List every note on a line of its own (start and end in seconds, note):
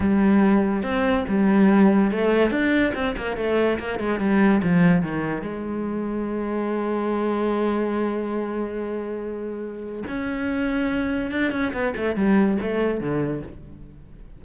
0.00 0.82 G3
0.82 1.24 C4
1.27 2.11 G3
2.11 2.50 A3
2.50 2.92 D4
2.94 3.15 C4
3.16 3.36 A#3
3.36 3.78 A3
3.79 3.99 A#3
3.99 4.19 G#3
4.19 4.61 G3
4.62 5.02 F3
5.02 5.42 D#3
5.42 10.03 G#3
10.08 11.31 C#4
11.31 11.51 D4
11.51 11.72 C#4
11.73 11.94 B3
11.96 12.15 A3
12.15 12.57 G3
12.61 13.00 A3
13.00 13.42 D3